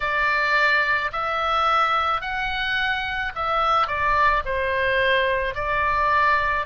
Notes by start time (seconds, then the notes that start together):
0.00 D5
1.12 E5
2.21 F#5
3.35 E5
3.87 D5
4.45 C5
5.55 D5